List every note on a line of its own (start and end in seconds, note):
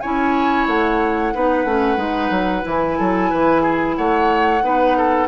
0.00 0.67 C#4
0.00 1.34 E4
0.00 1.33 C#5
0.00 0.66 G#5
0.67 1.33 A3
0.67 2.66 F#5
1.34 1.64 B3
1.34 1.66 D#4
1.34 2.98 B4
1.64 1.97 A3
1.64 1.96 C#4
1.96 2.30 G#3
1.96 2.62 D#4
2.30 2.63 F#3
2.62 2.98 E3
2.62 4.60 E4
2.69 3.95 G#5
2.98 3.32 F#3
2.98 3.30 A4
3.30 3.97 E3
3.30 3.61 B4
3.61 3.94 G#4
3.95 4.62 A3
3.95 4.63 C#5
3.95 5.27 F#5
4.62 5.27 B3
4.62 5.27 D#4
4.62 4.97 B4
4.97 5.27 A4